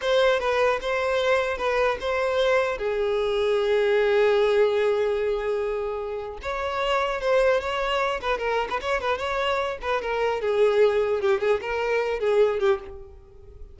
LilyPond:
\new Staff \with { instrumentName = "violin" } { \time 4/4 \tempo 4 = 150 c''4 b'4 c''2 | b'4 c''2 gis'4~ | gis'1~ | gis'1 |
cis''2 c''4 cis''4~ | cis''8 b'8 ais'8. b'16 cis''8 b'8 cis''4~ | cis''8 b'8 ais'4 gis'2 | g'8 gis'8 ais'4. gis'4 g'8 | }